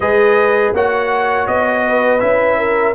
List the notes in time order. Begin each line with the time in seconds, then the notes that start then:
0.00 G#3 G#4 B4 D#5
0.73 A#3 F#4 C#5 F#5
1.47 B3 D#5
1.87 B4
2.19 C#4 E4 E5
2.58 A#4